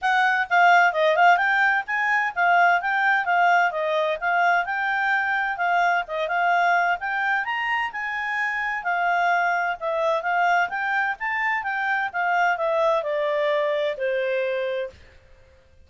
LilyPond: \new Staff \with { instrumentName = "clarinet" } { \time 4/4 \tempo 4 = 129 fis''4 f''4 dis''8 f''8 g''4 | gis''4 f''4 g''4 f''4 | dis''4 f''4 g''2 | f''4 dis''8 f''4. g''4 |
ais''4 gis''2 f''4~ | f''4 e''4 f''4 g''4 | a''4 g''4 f''4 e''4 | d''2 c''2 | }